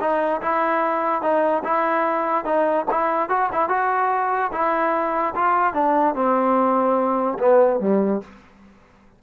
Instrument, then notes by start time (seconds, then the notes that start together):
trombone
0.00 D#4
0.41 E4
1.22 D#4
1.64 E4
2.44 D#4
2.91 E4
3.29 F#4
3.52 E4
3.69 F#4
4.52 E4
5.35 F4
5.73 D4
6.15 C4
7.38 B3
7.80 G3